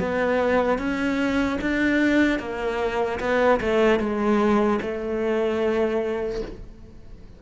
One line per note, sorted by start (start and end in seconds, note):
0.00 0.79 B3
0.79 1.59 C#4
1.61 2.39 D4
2.39 3.19 A#3
3.20 3.60 B3
3.61 4.00 A3
4.00 4.80 G#3
4.82 6.42 A3